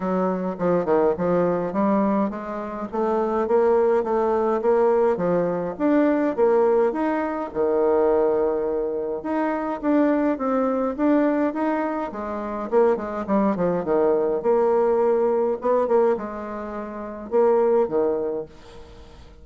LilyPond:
\new Staff \with { instrumentName = "bassoon" } { \time 4/4 \tempo 4 = 104 fis4 f8 dis8 f4 g4 | gis4 a4 ais4 a4 | ais4 f4 d'4 ais4 | dis'4 dis2. |
dis'4 d'4 c'4 d'4 | dis'4 gis4 ais8 gis8 g8 f8 | dis4 ais2 b8 ais8 | gis2 ais4 dis4 | }